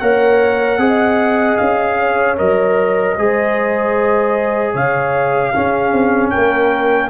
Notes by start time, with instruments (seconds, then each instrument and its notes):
0.00 tuba A#3, trombone A#4, horn C#5, trumpet F#5
0.79 tuba C4, trombone G#4, horn D#5
1.57 tuba C#4, trumpet F5
1.99 horn C#5
2.37 tuba F#3, trombone A#4, trumpet D#5
3.16 tuba G#3, trombone G#4, horn C5
4.74 tuba C#3, horn C#5, trumpet F5
5.54 trombone C#4, tuba C#4, horn G#4
5.93 tuba C4
6.31 tuba A#3, horn A#4, trumpet G5